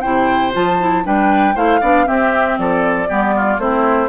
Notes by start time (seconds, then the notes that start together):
0.00 C3 E4 C5 G5
0.52 F3 F4 A5
0.79 E4
1.03 G3 D4 B4 G5
1.54 A3 E4 C5 F5
1.80 B3 D4 D5
2.05 C4 G4 E5
2.58 F3 A4 D5
3.08 G3 B3 G4
3.36 F4
3.58 A3 C4 E4 C5